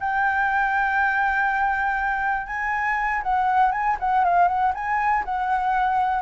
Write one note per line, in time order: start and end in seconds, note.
0.00 2.47 G5
2.47 3.22 G#5
3.23 3.72 F#5
3.72 3.97 G#5
4.00 4.24 F#5
4.24 4.48 F5
4.48 4.73 F#5
4.75 5.25 G#5
5.25 6.22 F#5